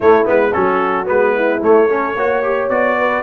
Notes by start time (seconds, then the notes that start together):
0.00 A3 E4 C#5
0.24 G#3 B3 B4
0.53 F#3 C#4 F#4 A4
1.05 G#3 B3 B4
1.35 E4
1.62 A3 C#5
1.87 C#4 A4
2.15 A#3 F#4 C#5
2.43 G4
2.69 B3 F#4 D5
2.97 B4